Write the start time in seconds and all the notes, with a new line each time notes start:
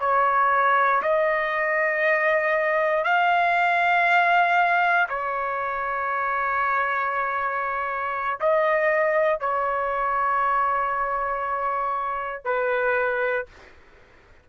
0.00 C#5
1.02 D#5
3.04 F5
5.09 C#5
8.40 D#5
9.40 C#5
12.44 B4